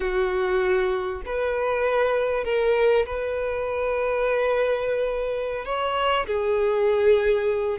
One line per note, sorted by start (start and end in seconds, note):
0.00 1.22 F#4
1.25 2.44 B4
2.44 3.05 A#4
3.06 5.65 B4
5.65 6.26 C#5
6.26 7.78 G#4